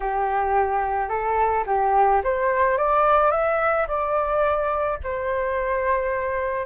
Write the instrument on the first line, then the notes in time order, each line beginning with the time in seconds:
flute
0.00 G4
1.08 A4
1.66 G4
2.23 C5
2.77 D5
3.31 E5
3.87 D5
5.03 C5